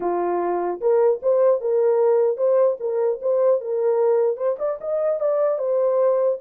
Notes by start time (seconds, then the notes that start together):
0.00 F4
0.80 A#4
1.22 C5
1.60 A#4
2.37 C5
2.80 A#4
3.21 C5
3.60 A#4
4.37 C5
4.59 D5
4.80 D#5
5.19 D5
5.58 C5